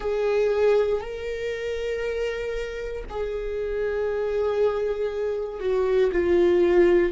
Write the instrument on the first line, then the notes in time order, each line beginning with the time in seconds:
viola
0.00 G#4
1.00 A#4
3.09 G#4
5.60 F#4
6.12 F4